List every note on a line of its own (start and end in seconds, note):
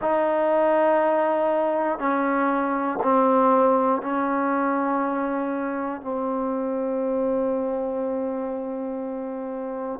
0.01 1.99 D#4
1.99 2.99 C#4
3.02 4.02 C4
4.02 6.01 C#4
6.01 10.00 C4